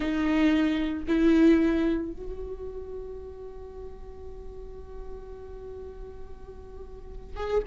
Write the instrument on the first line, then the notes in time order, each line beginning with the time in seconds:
viola
0.00 D#4
1.07 E4
2.11 F#4
7.36 G#4